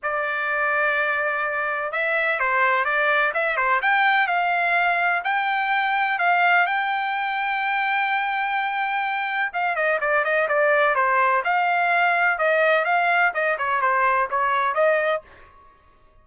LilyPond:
\new Staff \with { instrumentName = "trumpet" } { \time 4/4 \tempo 4 = 126 d''1 | e''4 c''4 d''4 e''8 c''8 | g''4 f''2 g''4~ | g''4 f''4 g''2~ |
g''1 | f''8 dis''8 d''8 dis''8 d''4 c''4 | f''2 dis''4 f''4 | dis''8 cis''8 c''4 cis''4 dis''4 | }